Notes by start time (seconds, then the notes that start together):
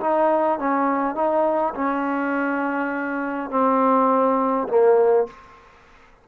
0.00 D#4
0.59 C#4
1.15 D#4
1.75 C#4
3.50 C4
4.68 A#3